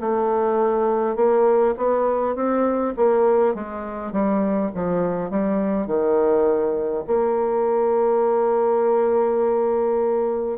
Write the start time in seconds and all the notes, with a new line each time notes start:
0.00 A3
1.16 A#3
1.77 B3
2.35 C4
2.97 A#3
3.55 G#3
4.12 G3
4.74 F3
5.30 G3
5.87 D#3
7.07 A#3